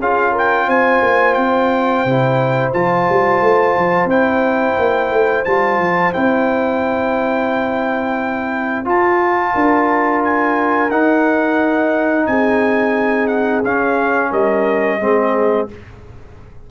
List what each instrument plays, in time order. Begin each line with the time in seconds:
0.00 tuba C#4, trombone F4, horn G#4, trumpet F5
0.32 horn A#4
0.38 trumpet G5
0.67 tuba C4, horn C5, trumpet G#5
1.03 tuba A#3
1.34 tuba C4, trumpet G5
2.05 tuba C3, trombone E4
2.73 tuba F3, trombone F4, trumpet A5
3.09 tuba G3
3.42 tuba A3
3.77 tuba F3
4.05 tuba C4, trombone E4, trumpet G5
4.79 tuba A#3
5.11 tuba A3
5.45 tuba G3, trombone F4, trumpet A5
5.79 tuba F3
6.14 tuba C4, trombone E4, trumpet G5
8.85 trombone F4, tuba F4, trumpet A5
9.53 tuba D4, horn A#4
10.24 trumpet G#5
10.90 tuba D#4, trombone D#4, trumpet F#5
12.27 tuba C4, horn G#4, trumpet G#5
13.27 trumpet F#5
13.65 tuba C#4, trombone C#4, trumpet F5
14.31 tuba G3, horn A#4, trumpet D#5
15.00 tuba G#3, trombone C4, horn G#4